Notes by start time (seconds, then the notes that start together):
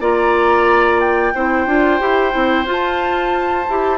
0.00 A#3 F4 D5 A#5
1.00 G5
1.34 C4 E4 C5
1.66 D4 F4
2.00 E4 G4
2.31 C4 E4
2.65 F4
2.71 A5
3.69 E4 G4